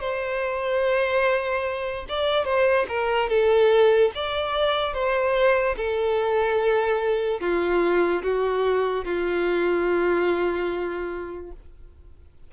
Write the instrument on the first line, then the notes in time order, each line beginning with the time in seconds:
violin
0.00 C5
2.09 D5
2.45 C5
2.88 A#4
3.29 A4
4.15 D5
4.94 C5
5.77 A4
7.40 F4
8.23 F#4
9.05 F4